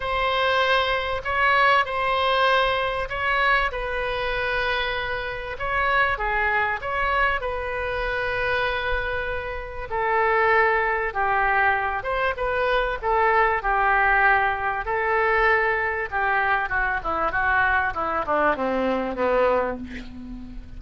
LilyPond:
\new Staff \with { instrumentName = "oboe" } { \time 4/4 \tempo 4 = 97 c''2 cis''4 c''4~ | c''4 cis''4 b'2~ | b'4 cis''4 gis'4 cis''4 | b'1 |
a'2 g'4. c''8 | b'4 a'4 g'2 | a'2 g'4 fis'8 e'8 | fis'4 e'8 d'8 c'4 b4 | }